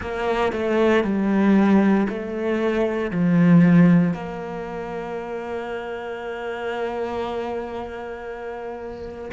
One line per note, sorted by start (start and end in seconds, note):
0.00 0.52 A#3
0.52 1.03 A3
1.03 2.07 G3
2.09 3.10 A3
3.10 4.13 F3
4.13 9.31 A#3